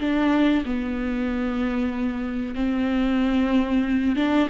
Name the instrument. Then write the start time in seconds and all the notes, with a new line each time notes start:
viola
0.00 D4
0.66 B3
2.55 C4
4.16 D4